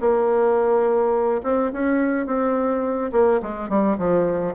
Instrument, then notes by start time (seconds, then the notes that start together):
bassoon
0.00 A#3
1.43 C4
1.72 C#4
2.26 C4
3.12 A#3
3.42 G#3
3.69 G3
3.98 F3